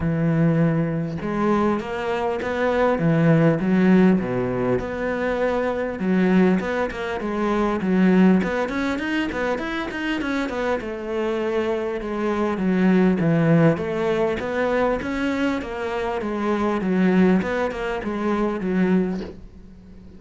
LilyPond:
\new Staff \with { instrumentName = "cello" } { \time 4/4 \tempo 4 = 100 e2 gis4 ais4 | b4 e4 fis4 b,4 | b2 fis4 b8 ais8 | gis4 fis4 b8 cis'8 dis'8 b8 |
e'8 dis'8 cis'8 b8 a2 | gis4 fis4 e4 a4 | b4 cis'4 ais4 gis4 | fis4 b8 ais8 gis4 fis4 | }